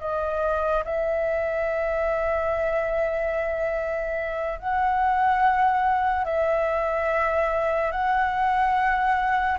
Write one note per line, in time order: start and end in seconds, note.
0.00 0.83 D#5
0.84 4.59 E5
4.59 6.25 F#5
6.25 7.91 E5
7.91 9.58 F#5